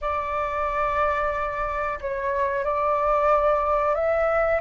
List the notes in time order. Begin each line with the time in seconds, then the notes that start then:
0.01 D5
2.00 C#5
2.64 D5
3.94 E5